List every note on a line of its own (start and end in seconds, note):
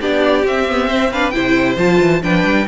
0.00 0.44 B3
0.00 0.44 D4
0.00 0.87 G4
0.00 0.46 D5
0.44 1.33 C4
0.44 0.69 C4
0.44 1.12 E5
0.69 0.89 B3
0.87 1.11 C4
0.87 1.10 C5
1.11 1.33 D4
1.11 1.33 B4
1.11 1.30 F5
1.30 1.77 C3
1.30 1.77 E4
1.30 2.22 C5
1.30 1.75 G5
1.77 1.99 F3
1.77 2.22 F4
1.77 2.22 A5
2.00 2.22 E3
2.22 2.44 F3
2.22 2.67 D4
2.22 2.67 B4
2.22 2.67 G5
2.44 2.66 G3